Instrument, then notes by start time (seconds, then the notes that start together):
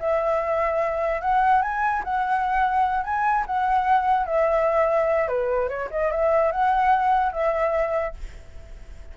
flute
0.00 E5
1.22 F#5
1.62 G#5
2.04 F#5
3.04 G#5
3.47 F#5
4.27 E5
5.28 B4
5.69 C#5
5.91 D#5
6.12 E5
6.52 F#5
7.33 E5